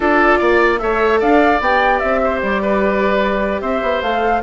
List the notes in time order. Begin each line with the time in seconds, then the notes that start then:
0.00 D4 F4 A4 D5
0.38 A#3 D5
0.78 A3 A4 C#5 E5
1.20 D4 D5 F5
1.60 B3 G4 G5
1.99 C4 E5
2.23 C5
2.42 G3 D5
2.61 B4
3.61 C4 C5 E5
3.81 B3
4.02 A3 A4 F5